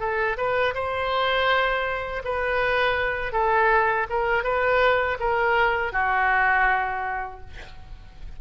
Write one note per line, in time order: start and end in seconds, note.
0.00 0.37 A4
0.37 0.74 B4
0.75 2.23 C5
2.25 3.33 B4
3.33 4.07 A4
4.10 4.44 A#4
4.44 5.18 B4
5.20 5.93 A#4
5.93 7.41 F#4